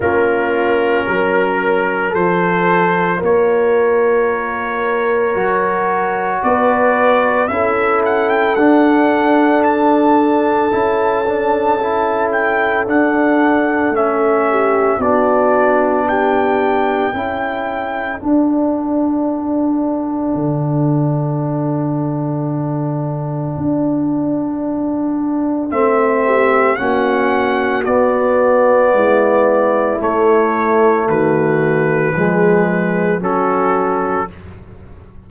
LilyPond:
<<
  \new Staff \with { instrumentName = "trumpet" } { \time 4/4 \tempo 4 = 56 ais'2 c''4 cis''4~ | cis''2 d''4 e''8 fis''16 g''16 | fis''4 a''2~ a''8 g''8 | fis''4 e''4 d''4 g''4~ |
g''4 fis''2.~ | fis''1 | e''4 fis''4 d''2 | cis''4 b'2 a'4 | }
  \new Staff \with { instrumentName = "horn" } { \time 4/4 f'4 ais'4 a'4 ais'4~ | ais'2 b'4 a'4~ | a'1~ | a'4. g'8 fis'4 g'4 |
a'1~ | a'1~ | a'8 g'8 fis'2 e'4~ | e'4 fis'4 gis'4 fis'4 | }
  \new Staff \with { instrumentName = "trombone" } { \time 4/4 cis'2 f'2~ | f'4 fis'2 e'4 | d'2 e'8 d'8 e'4 | d'4 cis'4 d'2 |
e'4 d'2.~ | d'1 | c'4 cis'4 b2 | a2 gis4 cis'4 | }
  \new Staff \with { instrumentName = "tuba" } { \time 4/4 ais4 fis4 f4 ais4~ | ais4 fis4 b4 cis'4 | d'2 cis'2 | d'4 a4 b2 |
cis'4 d'2 d4~ | d2 d'2 | a4 ais4 b4 gis4 | a4 dis4 f4 fis4 | }
>>